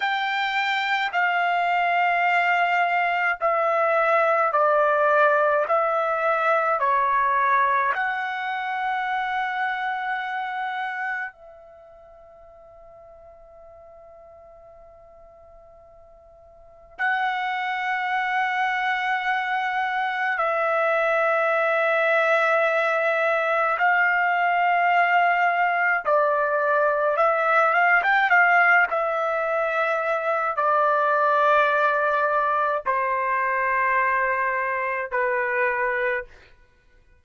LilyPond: \new Staff \with { instrumentName = "trumpet" } { \time 4/4 \tempo 4 = 53 g''4 f''2 e''4 | d''4 e''4 cis''4 fis''4~ | fis''2 e''2~ | e''2. fis''4~ |
fis''2 e''2~ | e''4 f''2 d''4 | e''8 f''16 g''16 f''8 e''4. d''4~ | d''4 c''2 b'4 | }